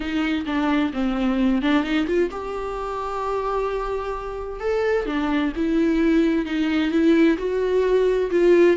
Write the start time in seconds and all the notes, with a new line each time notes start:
0.00 D#4
0.46 D4
0.93 C4
1.62 D4
1.83 D#4
2.06 F4
2.30 G4
4.60 A4
5.06 D4
5.56 E4
6.45 D#4
6.91 E4
7.38 F#4
8.30 F4